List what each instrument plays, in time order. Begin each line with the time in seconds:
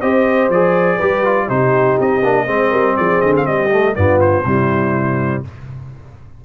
0.00 tuba C4, trombone G4, horn C5, trumpet D#5
0.48 tuba F3, trombone G#4, trumpet D5
0.97 tuba G3, trombone G4, horn B4
1.24 trombone F4
1.46 tuba C3, trombone D#4, horn G4, trumpet C5
1.99 tuba C4, trumpet D#5
2.23 tuba A#3, trombone D4
2.45 tuba G#3, trombone C4, horn C5
2.70 tuba G3, horn A#4
2.96 tuba F3, horn G#4, trumpet D5
3.20 tuba D3, trumpet D#5
3.36 trumpet F5
3.45 tuba G3, horn G4, trumpet D#5
3.70 trombone A3
3.94 tuba G2, trombone B3, horn F4, trumpet D5
4.20 trumpet C5
4.44 tuba C3, trombone G3, horn E4